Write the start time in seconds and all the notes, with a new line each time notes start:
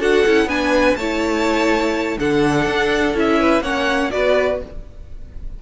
0.00 D4 F#4 A4 F#5
0.26 C#4 E4
0.47 B3 D4 B4 G#5
0.97 A3 E4 C#5 A5
2.19 D3 D4 A4 F#5
2.67 D4
3.14 C#4 E4 E5
3.40 B4
3.61 A#3 C#4 C#5 F#5
4.11 B3 F#4 B4 D5